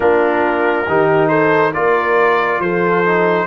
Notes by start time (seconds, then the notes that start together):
0.00 A#3 D4 F4 A#4
0.86 D#3 D#4 G4
1.28 A4 C5
1.73 A#3 F4 A#4 D5
2.59 F3 A4 C5
3.04 D#4